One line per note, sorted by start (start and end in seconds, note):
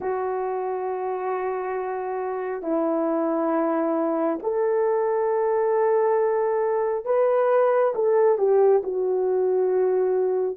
0.00 2.62 F#4
2.62 4.39 E4
4.42 7.05 A4
7.05 7.93 B4
7.95 8.37 A4
8.37 8.82 G4
8.83 10.56 F#4